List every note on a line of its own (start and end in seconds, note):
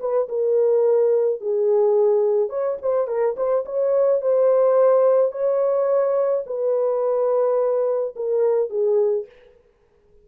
0.00 0.28 B4
0.29 1.41 A#4
1.41 2.50 G#4
2.50 2.78 C#5
2.82 3.08 C5
3.08 3.36 A#4
3.37 3.65 C5
3.66 4.22 C#5
4.22 5.32 C5
5.32 6.44 C#5
6.46 8.15 B4
8.16 8.70 A#4
8.70 9.26 G#4